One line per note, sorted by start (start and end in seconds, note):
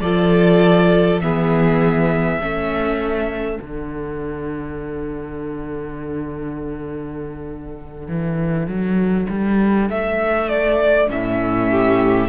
0.00 1.21 F3
0.00 1.22 F4
0.00 1.23 A4
0.00 1.20 D5
1.21 2.39 E3
1.21 2.40 B3
1.21 2.40 G#4
1.21 3.60 E5
2.39 3.58 A3
2.39 3.59 C#4
2.39 11.70 A4
3.59 8.08 D3
3.59 11.09 D4
3.59 9.89 F#5
8.08 8.67 E3
8.67 9.27 F#3
9.29 9.89 G3
9.89 11.09 A3
9.89 10.49 E5
10.49 11.09 D5
11.09 12.29 A2
11.09 12.29 C#4
11.09 12.29 E5
11.71 12.29 G4